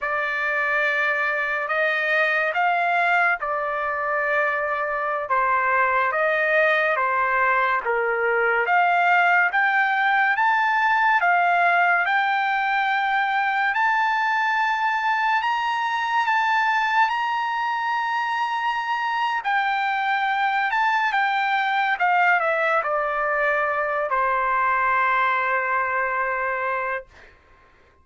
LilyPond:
\new Staff \with { instrumentName = "trumpet" } { \time 4/4 \tempo 4 = 71 d''2 dis''4 f''4 | d''2~ d''16 c''4 dis''8.~ | dis''16 c''4 ais'4 f''4 g''8.~ | g''16 a''4 f''4 g''4.~ g''16~ |
g''16 a''2 ais''4 a''8.~ | a''16 ais''2~ ais''8. g''4~ | g''8 a''8 g''4 f''8 e''8 d''4~ | d''8 c''2.~ c''8 | }